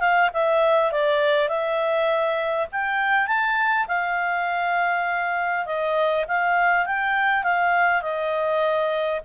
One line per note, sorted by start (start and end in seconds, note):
0.00 0.30 F5
0.33 0.92 E5
0.92 1.49 D5
1.49 2.68 E5
2.72 3.27 G5
3.27 3.86 A5
3.88 5.66 F5
5.66 6.25 D#5
6.28 6.86 F5
6.86 7.44 G5
7.44 8.02 F5
8.02 9.21 D#5